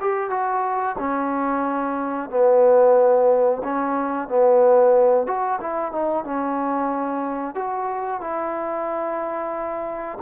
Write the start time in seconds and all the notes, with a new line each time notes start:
0.00 G4
0.30 F#4
0.98 C#4
2.30 B3
3.63 C#4
4.28 B3
5.26 F#4
5.60 E4
5.92 D#4
6.24 C#4
7.54 F#4
8.20 E4